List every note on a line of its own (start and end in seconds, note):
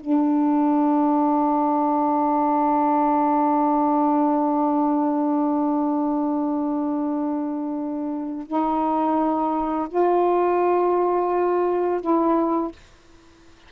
0.00 8.47 D4
8.47 9.88 D#4
9.89 12.01 F4
12.01 12.72 E4